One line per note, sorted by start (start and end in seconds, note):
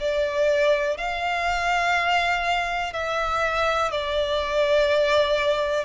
0.00 0.97 D5
0.97 2.93 F5
2.93 3.92 E5
3.92 5.85 D5